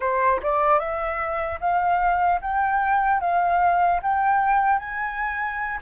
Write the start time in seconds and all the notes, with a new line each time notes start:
0.00 C5
0.42 D5
0.79 E5
1.60 F5
2.41 G5
3.20 F5
4.02 G5
4.79 G#5